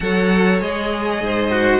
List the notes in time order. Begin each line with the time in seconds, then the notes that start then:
0.00 F#3 A4 C#5 F#5
0.61 G#3 G#4 D#5
1.20 G#2 C5
1.51 F#4